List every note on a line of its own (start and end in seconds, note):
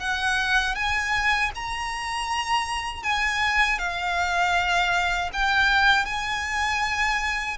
0.00 0.75 F#5
0.75 1.51 G#5
1.55 3.03 A#5
3.03 3.79 G#5
3.79 5.31 F5
5.33 6.06 G5
6.06 7.58 G#5